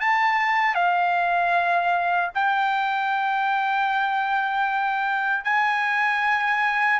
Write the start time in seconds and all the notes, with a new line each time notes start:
0.00 A5
0.74 F5
2.34 G5
5.44 G#5